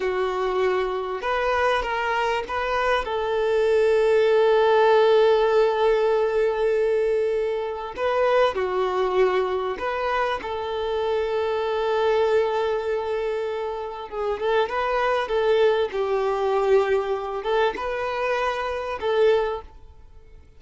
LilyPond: \new Staff \with { instrumentName = "violin" } { \time 4/4 \tempo 4 = 98 fis'2 b'4 ais'4 | b'4 a'2.~ | a'1~ | a'4 b'4 fis'2 |
b'4 a'2.~ | a'2. gis'8 a'8 | b'4 a'4 g'2~ | g'8 a'8 b'2 a'4 | }